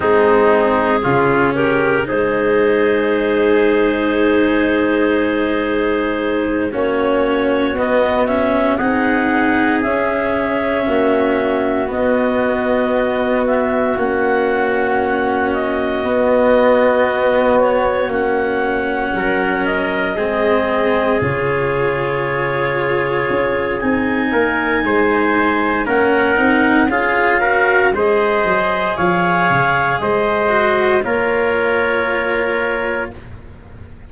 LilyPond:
<<
  \new Staff \with { instrumentName = "clarinet" } { \time 4/4 \tempo 4 = 58 gis'4. ais'8 c''2~ | c''2~ c''8 cis''4 dis''8 | e''8 fis''4 e''2 dis''8~ | dis''4 e''8 fis''4. dis''4~ |
dis''4 cis''8 fis''4. dis''4~ | dis''8 cis''2~ cis''8 gis''4~ | gis''4 fis''4 f''4 dis''4 | f''4 dis''4 cis''2 | }
  \new Staff \with { instrumentName = "trumpet" } { \time 4/4 dis'4 f'8 g'8 gis'2~ | gis'2~ gis'8 fis'4.~ | fis'8 gis'2 fis'4.~ | fis'1~ |
fis'2~ fis'8 ais'4 gis'8~ | gis'2.~ gis'8 ais'8 | c''4 ais'4 gis'8 ais'8 c''4 | cis''4 c''4 ais'2 | }
  \new Staff \with { instrumentName = "cello" } { \time 4/4 c'4 cis'4 dis'2~ | dis'2~ dis'8 cis'4 b8 | cis'8 dis'4 cis'2 b8~ | b4. cis'2 b8~ |
b4. cis'2 c'8~ | c'8 f'2~ f'8 dis'4~ | dis'4 cis'8 dis'8 f'8 fis'8 gis'4~ | gis'4. fis'8 f'2 | }
  \new Staff \with { instrumentName = "tuba" } { \time 4/4 gis4 cis4 gis2~ | gis2~ gis8 ais4 b8~ | b8 c'4 cis'4 ais4 b8~ | b4. ais2 b8~ |
b4. ais4 fis4 gis8~ | gis8 cis2 cis'8 c'8 ais8 | gis4 ais8 c'8 cis'4 gis8 fis8 | f8 cis8 gis4 ais2 | }
>>